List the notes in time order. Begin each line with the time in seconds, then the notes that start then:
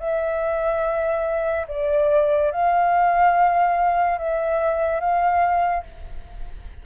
0.00 E5
1.68 D5
2.52 F5
4.19 E5
5.01 F5